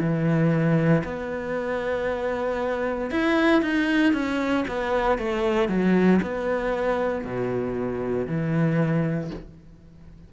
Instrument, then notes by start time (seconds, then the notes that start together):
cello
0.00 E3
1.04 B3
3.11 E4
3.62 D#4
4.13 C#4
4.68 B3
5.19 A3
5.69 F#3
6.22 B3
7.25 B2
8.27 E3